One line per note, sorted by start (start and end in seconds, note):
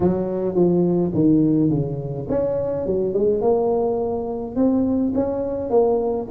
0.00 0.55 F#3
0.55 1.12 F3
1.14 1.70 D#3
1.70 2.27 C#3
2.29 2.86 C#4
2.86 3.13 F#3
3.13 3.41 G#3
3.41 4.55 A#3
4.55 5.12 C4
5.14 5.70 C#4
5.70 6.27 A#3